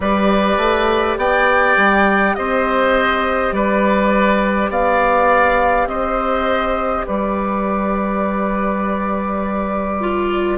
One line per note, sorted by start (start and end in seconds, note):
0.00 0.57 G3
0.00 10.00 G4
0.00 1.18 B4
0.00 1.18 D5
0.57 1.16 A3
1.17 1.75 B3
1.17 2.36 D5
1.17 2.35 G5
1.76 2.35 G3
2.35 3.52 C4
2.35 3.54 C5
2.35 3.52 D#5
3.52 4.69 G3
3.52 4.70 B4
3.52 4.70 D5
4.69 5.86 B3
4.69 5.88 D5
4.69 5.87 F5
5.86 7.04 C4
5.86 7.06 C5
5.86 7.05 D#5
7.06 10.58 G3
7.06 10.58 B4
7.06 10.58 D5
10.00 10.58 F4